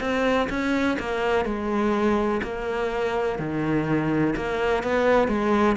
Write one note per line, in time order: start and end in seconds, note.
0.00 0.48 C4
0.49 0.97 C#4
0.99 1.45 A#3
1.45 2.41 G#3
2.42 3.38 A#3
3.38 4.34 D#3
4.35 4.83 A#3
4.83 5.28 B3
5.28 5.76 G#3